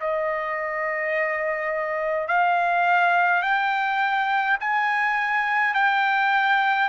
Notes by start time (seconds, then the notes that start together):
0.00 D#5
2.28 F5
3.42 G5
4.60 G#5
5.74 G5